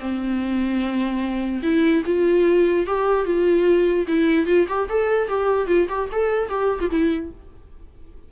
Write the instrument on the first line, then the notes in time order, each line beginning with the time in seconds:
viola
0.00 C4
1.63 E4
2.06 F4
2.87 G4
3.25 F4
4.08 E4
4.47 F4
4.69 G4
4.90 A4
5.29 G4
5.68 F4
5.89 G4
6.12 A4
6.49 G4
6.81 F4
6.91 E4